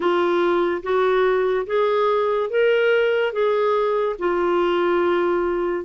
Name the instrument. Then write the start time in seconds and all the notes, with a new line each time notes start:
clarinet
0.00 F4
0.83 F#4
1.66 G#4
2.50 A#4
3.33 G#4
4.18 F4